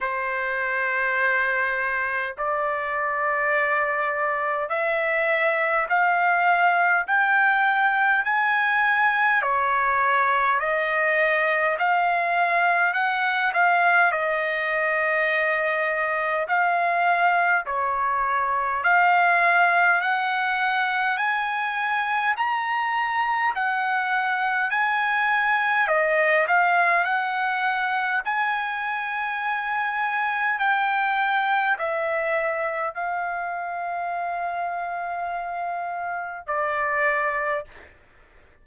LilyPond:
\new Staff \with { instrumentName = "trumpet" } { \time 4/4 \tempo 4 = 51 c''2 d''2 | e''4 f''4 g''4 gis''4 | cis''4 dis''4 f''4 fis''8 f''8 | dis''2 f''4 cis''4 |
f''4 fis''4 gis''4 ais''4 | fis''4 gis''4 dis''8 f''8 fis''4 | gis''2 g''4 e''4 | f''2. d''4 | }